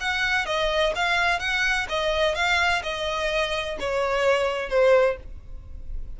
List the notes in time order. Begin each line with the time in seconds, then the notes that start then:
0.00 F#5
0.45 D#5
0.95 F5
1.39 F#5
1.89 D#5
2.35 F5
2.83 D#5
3.79 C#5
4.69 C5